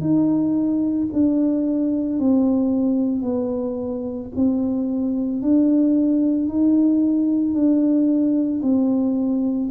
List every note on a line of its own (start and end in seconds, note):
0.00 1.07 D#4
1.12 2.19 D4
2.19 3.21 C4
3.21 4.29 B3
4.35 5.42 C4
5.42 6.48 D4
6.48 7.54 D#4
7.54 8.61 D4
8.62 9.69 C4